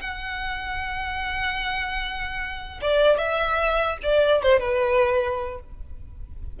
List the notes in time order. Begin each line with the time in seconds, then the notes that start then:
0.00 F#5
2.81 D5
3.17 E5
4.02 D5
4.42 C5
4.59 B4